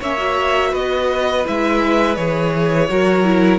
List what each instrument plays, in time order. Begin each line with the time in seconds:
0.00 cello A#3, viola C#4, violin C#5 E5
0.18 viola F#4
0.70 cello B3, violin B4 D#5
1.44 cello G#3, viola E4, violin E5
2.16 cello E3, viola G#4, violin C#5
2.89 cello F#3, viola F#4, violin A#4
3.24 viola E4